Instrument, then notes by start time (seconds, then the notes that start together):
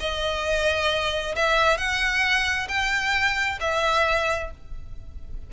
violin
0.00 D#5
1.35 E5
1.77 F#5
2.68 G5
3.60 E5